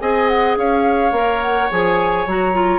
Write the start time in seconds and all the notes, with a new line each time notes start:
0.00 C4 G#4 D#5 G#5
0.28 F#5
0.57 C#4 C#5 F5
1.12 A#3 A#4
1.42 F#5
1.71 F3 G#4 G#5
2.27 F#3 F#4 A#5
2.53 F4